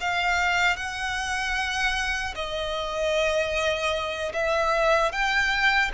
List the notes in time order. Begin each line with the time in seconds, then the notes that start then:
0.00 F5
0.76 F#5
2.35 D#5
4.33 E5
5.12 G5